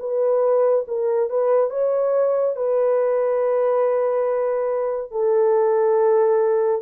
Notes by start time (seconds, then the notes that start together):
0.00 B4
0.88 A#4
1.30 B4
1.71 C#5
2.57 B4
5.12 A4